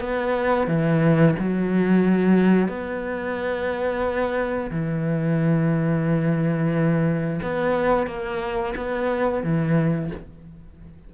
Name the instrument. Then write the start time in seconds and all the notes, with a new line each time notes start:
cello
0.00 B3
0.67 E3
1.39 F#3
2.68 B3
4.71 E3
7.42 B3
8.07 A#3
8.76 B3
9.43 E3